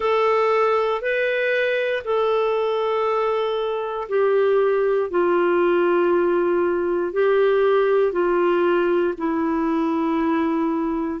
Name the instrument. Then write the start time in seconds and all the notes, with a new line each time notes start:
clarinet
0.00 A4
1.01 B4
2.04 A4
4.09 G4
5.10 F4
7.12 G4
8.12 F4
9.18 E4